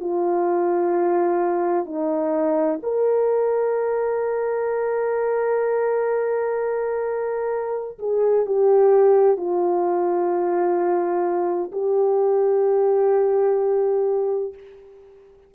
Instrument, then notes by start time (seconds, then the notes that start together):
horn
0.00 F4
1.85 D#4
2.83 A#4
7.99 G#4
8.46 G4
9.37 F4
11.72 G4